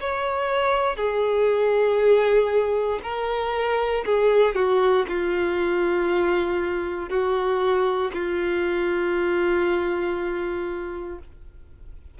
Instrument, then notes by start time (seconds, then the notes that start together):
violin
0.00 C#5
0.96 G#4
3.03 A#4
4.05 G#4
4.54 F#4
5.08 F4
7.09 F#4
8.13 F4